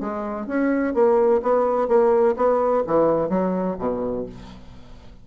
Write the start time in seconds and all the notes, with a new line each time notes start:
0.00 G#3
0.47 C#4
0.94 A#3
1.42 B3
1.88 A#3
2.36 B3
2.87 E3
3.29 F#3
3.79 B2